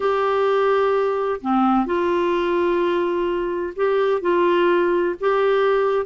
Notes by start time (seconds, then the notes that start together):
0.00 G4
1.41 C4
1.86 F4
3.76 G4
4.21 F4
5.20 G4